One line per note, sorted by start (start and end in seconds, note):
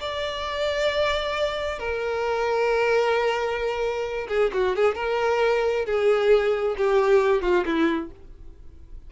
0.00 1.79 D5
1.79 4.27 A#4
4.28 4.51 G#4
4.53 4.76 F#4
4.76 4.95 G#4
4.95 5.85 A#4
5.85 6.75 G#4
6.77 7.42 G4
7.42 7.64 F4
7.65 8.10 E4